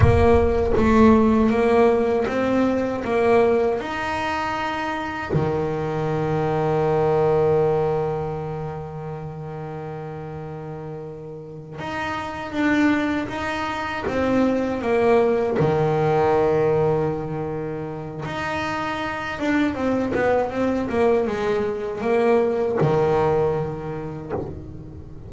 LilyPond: \new Staff \with { instrumentName = "double bass" } { \time 4/4 \tempo 4 = 79 ais4 a4 ais4 c'4 | ais4 dis'2 dis4~ | dis1~ | dis2.~ dis8 dis'8~ |
dis'8 d'4 dis'4 c'4 ais8~ | ais8 dis2.~ dis8 | dis'4. d'8 c'8 b8 c'8 ais8 | gis4 ais4 dis2 | }